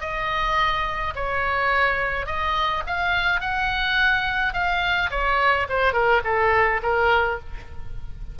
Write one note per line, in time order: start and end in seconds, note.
0.00 1.13 D#5
1.15 2.26 C#5
2.26 2.83 D#5
2.86 3.40 F5
3.40 4.53 F#5
4.53 5.10 F5
5.10 5.67 C#5
5.69 5.93 C5
5.93 6.21 A#4
6.24 6.81 A4
6.82 7.39 A#4